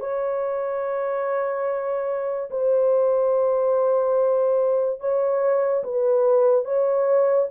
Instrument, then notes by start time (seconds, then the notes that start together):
horn
0.00 C#5
2.50 C5
5.00 C#5
5.84 B4
6.65 C#5